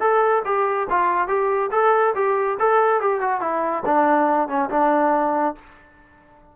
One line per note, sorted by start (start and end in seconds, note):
0.00 0.43 A4
0.45 0.87 G4
0.90 1.27 F4
1.27 1.70 G4
1.71 2.14 A4
2.15 2.57 G4
2.59 3.00 A4
3.00 3.20 G4
3.20 3.40 F#4
3.40 3.83 E4
3.85 4.48 D4
4.48 4.69 C#4
4.70 5.55 D4